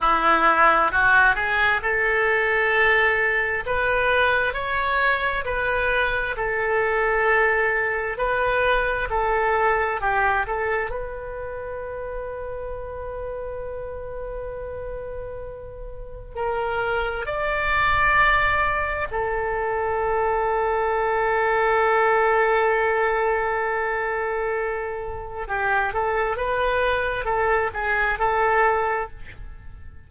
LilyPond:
\new Staff \with { instrumentName = "oboe" } { \time 4/4 \tempo 4 = 66 e'4 fis'8 gis'8 a'2 | b'4 cis''4 b'4 a'4~ | a'4 b'4 a'4 g'8 a'8 | b'1~ |
b'2 ais'4 d''4~ | d''4 a'2.~ | a'1 | g'8 a'8 b'4 a'8 gis'8 a'4 | }